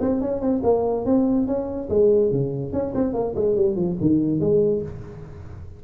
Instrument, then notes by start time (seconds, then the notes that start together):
tuba
0.00 C4
0.21 C#4
0.41 C4
0.63 A#3
1.05 C4
1.46 C#4
1.89 G#3
2.31 C#3
2.72 C#4
2.94 C4
3.13 A#3
3.35 G#3
3.55 G3
3.76 F3
4.00 D#3
4.40 G#3